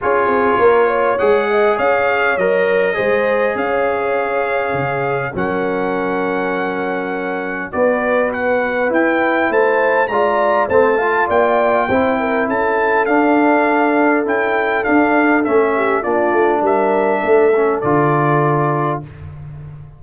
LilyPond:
<<
  \new Staff \with { instrumentName = "trumpet" } { \time 4/4 \tempo 4 = 101 cis''2 fis''4 f''4 | dis''2 f''2~ | f''4 fis''2.~ | fis''4 d''4 fis''4 g''4 |
a''4 ais''4 a''4 g''4~ | g''4 a''4 f''2 | g''4 f''4 e''4 d''4 | e''2 d''2 | }
  \new Staff \with { instrumentName = "horn" } { \time 4/4 gis'4 ais'8 cis''4 dis''8 cis''4~ | cis''4 c''4 cis''2~ | cis''4 ais'2.~ | ais'4 b'2. |
c''4 d''4 c''8 f''8 d''4 | c''8 ais'8 a'2.~ | a'2~ a'8 g'8 f'4 | ais'4 a'2. | }
  \new Staff \with { instrumentName = "trombone" } { \time 4/4 f'2 gis'2 | ais'4 gis'2.~ | gis'4 cis'2.~ | cis'4 fis'2 e'4~ |
e'4 f'4 c'8 f'4. | e'2 d'2 | e'4 d'4 cis'4 d'4~ | d'4. cis'8 f'2 | }
  \new Staff \with { instrumentName = "tuba" } { \time 4/4 cis'8 c'8 ais4 gis4 cis'4 | fis4 gis4 cis'2 | cis4 fis2.~ | fis4 b2 e'4 |
a4 gis4 a4 ais4 | c'4 cis'4 d'2 | cis'4 d'4 a4 ais8 a8 | g4 a4 d2 | }
>>